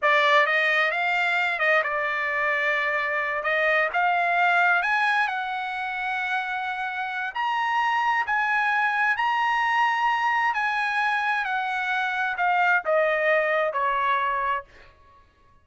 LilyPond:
\new Staff \with { instrumentName = "trumpet" } { \time 4/4 \tempo 4 = 131 d''4 dis''4 f''4. dis''8 | d''2.~ d''8 dis''8~ | dis''8 f''2 gis''4 fis''8~ | fis''1 |
ais''2 gis''2 | ais''2. gis''4~ | gis''4 fis''2 f''4 | dis''2 cis''2 | }